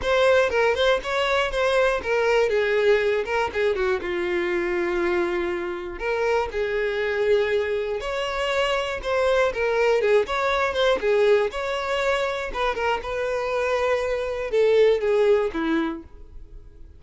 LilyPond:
\new Staff \with { instrumentName = "violin" } { \time 4/4 \tempo 4 = 120 c''4 ais'8 c''8 cis''4 c''4 | ais'4 gis'4. ais'8 gis'8 fis'8 | f'1 | ais'4 gis'2. |
cis''2 c''4 ais'4 | gis'8 cis''4 c''8 gis'4 cis''4~ | cis''4 b'8 ais'8 b'2~ | b'4 a'4 gis'4 e'4 | }